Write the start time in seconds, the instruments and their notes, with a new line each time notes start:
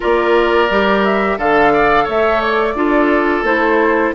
0.00 bassoon A#3, clarinet F4, oboe A#4, flute D5
0.70 bassoon G3, clarinet G4
1.04 flute E5
1.37 bassoon D3, oboe A4, clarinet A4, flute F5
1.73 oboe D5
2.04 bassoon A3, oboe C#5, flute E5
2.40 flute D5
2.75 bassoon D4, clarinet F4, oboe A4
3.43 bassoon A3, clarinet E4, flute C5